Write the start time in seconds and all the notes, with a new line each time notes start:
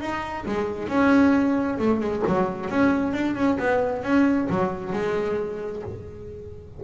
0.00 D#4
0.46 G#3
0.88 C#4
1.78 A3
2.00 G#3
2.27 F#3
2.70 C#4
3.13 D4
3.35 C#4
3.59 B3
4.03 C#4
4.50 F#3
4.93 G#3